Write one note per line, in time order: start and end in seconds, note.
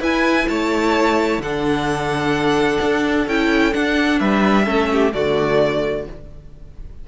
0.00 0.47 E4
0.00 1.42 E4
0.00 0.47 B4
0.00 0.48 G#5
0.48 1.38 A3
0.48 1.42 C#5
0.48 1.41 A5
1.38 2.78 D3
1.38 3.29 D4
1.38 4.20 A4
1.38 3.28 F#5
2.81 3.27 D4
3.27 3.74 C#4
3.27 3.72 E4
3.27 3.73 G5
3.72 4.64 D4
3.72 4.20 D4
3.72 4.19 F#5
4.19 4.67 G3
4.19 4.65 B4
4.19 5.12 E5
4.64 5.13 A3
4.64 5.10 C#4
4.64 4.88 A4
4.92 5.15 G4
5.13 6.07 D3
5.13 6.07 A3
5.13 6.08 F#4
5.13 6.06 D5